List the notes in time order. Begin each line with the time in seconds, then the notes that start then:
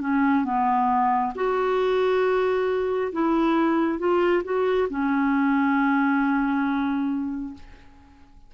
0.00 C#4
0.44 B3
1.35 F#4
3.12 E4
3.98 F4
4.44 F#4
4.89 C#4